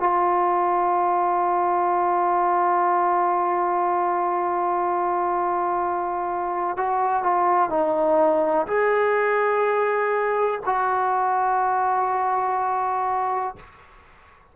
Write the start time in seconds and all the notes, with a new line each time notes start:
0.00 F4
6.77 F#4
7.23 F4
7.70 D#4
8.67 G#4
10.66 F#4